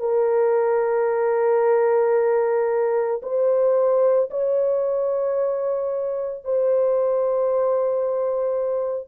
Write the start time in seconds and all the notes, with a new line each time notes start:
0.00 A#4
3.22 C5
4.31 C#5
6.44 C5